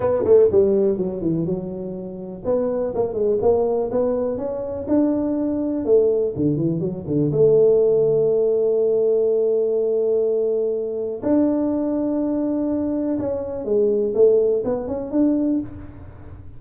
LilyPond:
\new Staff \with { instrumentName = "tuba" } { \time 4/4 \tempo 4 = 123 b8 a8 g4 fis8 e8 fis4~ | fis4 b4 ais8 gis8 ais4 | b4 cis'4 d'2 | a4 d8 e8 fis8 d8 a4~ |
a1~ | a2. d'4~ | d'2. cis'4 | gis4 a4 b8 cis'8 d'4 | }